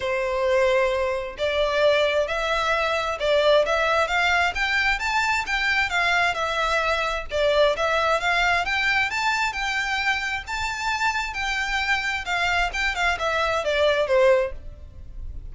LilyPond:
\new Staff \with { instrumentName = "violin" } { \time 4/4 \tempo 4 = 132 c''2. d''4~ | d''4 e''2 d''4 | e''4 f''4 g''4 a''4 | g''4 f''4 e''2 |
d''4 e''4 f''4 g''4 | a''4 g''2 a''4~ | a''4 g''2 f''4 | g''8 f''8 e''4 d''4 c''4 | }